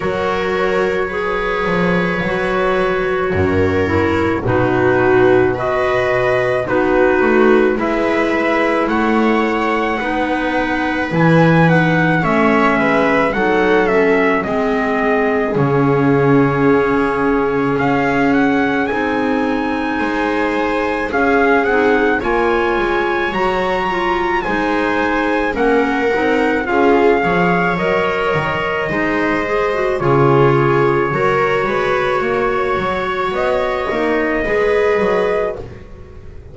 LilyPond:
<<
  \new Staff \with { instrumentName = "trumpet" } { \time 4/4 \tempo 4 = 54 cis''1 | b'4 dis''4 b'4 e''4 | fis''2 gis''8 fis''8 e''4 | fis''8 e''8 dis''4 cis''2 |
f''8 fis''8 gis''2 f''8 fis''8 | gis''4 ais''4 gis''4 fis''4 | f''4 dis''2 cis''4~ | cis''2 dis''2 | }
  \new Staff \with { instrumentName = "viola" } { \time 4/4 ais'4 b'2 ais'4 | fis'4 b'4 fis'4 b'4 | cis''4 b'2 cis''8 b'8 | a'4 gis'2.~ |
gis'2 c''4 gis'4 | cis''2 c''4 ais'4 | gis'8 cis''4. c''4 gis'4 | ais'8 b'8 cis''2 b'4 | }
  \new Staff \with { instrumentName = "clarinet" } { \time 4/4 fis'4 gis'4 fis'4. e'8 | dis'4 fis'4 dis'4 e'4~ | e'4 dis'4 e'8 dis'8 cis'4 | dis'8 cis'8 c'4 cis'2~ |
cis'4 dis'2 cis'8 dis'8 | f'4 fis'8 f'8 dis'4 cis'8 dis'8 | f'8 gis'8 ais'4 dis'8 gis'16 fis'16 f'4 | fis'2~ fis'8 dis'8 gis'4 | }
  \new Staff \with { instrumentName = "double bass" } { \time 4/4 fis4. f8 fis4 fis,4 | b,2 b8 a8 gis4 | a4 b4 e4 a8 gis8 | fis4 gis4 cis2 |
cis'4 c'4 gis4 cis'8 c'8 | ais8 gis8 fis4 gis4 ais8 c'8 | cis'8 f8 fis8 dis8 gis4 cis4 | fis8 gis8 ais8 fis8 b8 ais8 gis8 fis8 | }
>>